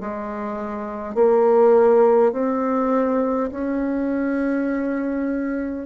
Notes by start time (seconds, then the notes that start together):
0.00 G#3
1.14 A#3
2.32 C4
3.51 C#4